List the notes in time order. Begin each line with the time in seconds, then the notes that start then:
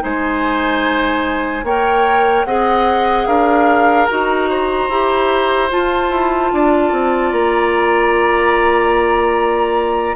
0.00 G#3 D#4 C5 G#5
1.63 A#3 A#4 C#5 G5
2.45 C4 G#4 D#5 F#5
3.26 D4 A#4 F5
4.06 D#4 F#4 A#5
4.49 C5
4.89 E4 G4
5.69 F4 A5
6.09 E4
6.52 D4 D5
6.91 C4
7.32 A#3 A#5